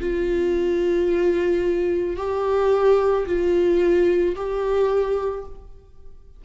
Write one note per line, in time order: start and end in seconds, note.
0.00 2.16 F4
2.16 3.25 G4
3.26 4.35 F4
4.35 5.44 G4